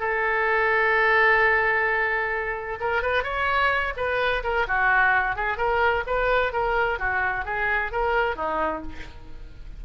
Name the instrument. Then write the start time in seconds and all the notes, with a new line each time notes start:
oboe
0.00 A4
2.80 A#4
3.02 B4
3.24 C#5
3.97 B4
4.44 A#4
4.67 F#4
5.36 G#4
5.57 A#4
6.07 B4
6.53 A#4
6.99 F#4
7.45 G#4
7.92 A#4
8.36 D#4